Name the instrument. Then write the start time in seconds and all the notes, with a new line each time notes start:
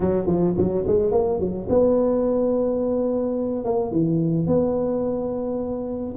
tuba
0.00 F#3
0.26 F3
0.57 F#3
0.86 G#3
1.11 A#3
1.39 F#3
1.69 B3
3.64 A#3
3.91 E3
4.47 B3